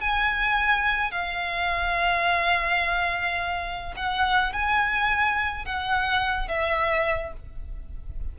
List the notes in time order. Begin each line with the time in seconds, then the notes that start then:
0.00 G#5
1.11 F5
3.96 F#5
4.52 G#5
5.65 F#5
6.48 E5